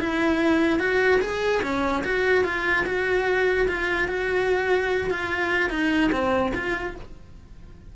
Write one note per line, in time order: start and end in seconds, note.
0.00 0.80 E4
0.80 1.20 F#4
1.22 1.62 G#4
1.63 2.04 C#4
2.04 2.44 F#4
2.44 2.85 F4
2.86 3.68 F#4
3.69 4.09 F4
4.09 5.10 F#4
5.10 5.70 F4
5.70 6.11 D#4
6.12 6.53 C4
6.55 6.96 F4